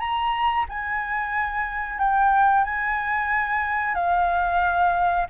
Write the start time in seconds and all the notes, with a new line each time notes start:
0.00 A#5
0.70 G#5
1.99 G5
2.65 G#5
3.95 F5